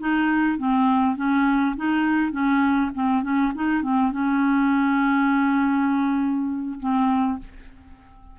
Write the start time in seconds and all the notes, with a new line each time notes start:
0.00 D#4
0.58 C4
1.16 C#4
1.77 D#4
2.32 C#4
2.95 C4
3.23 C#4
3.55 D#4
3.83 C4
4.12 C#4
6.80 C4